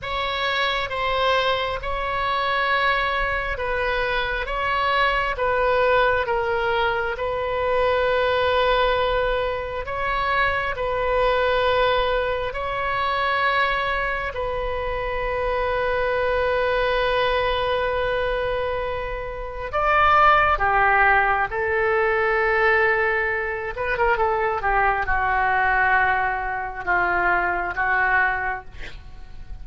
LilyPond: \new Staff \with { instrumentName = "oboe" } { \time 4/4 \tempo 4 = 67 cis''4 c''4 cis''2 | b'4 cis''4 b'4 ais'4 | b'2. cis''4 | b'2 cis''2 |
b'1~ | b'2 d''4 g'4 | a'2~ a'8 b'16 ais'16 a'8 g'8 | fis'2 f'4 fis'4 | }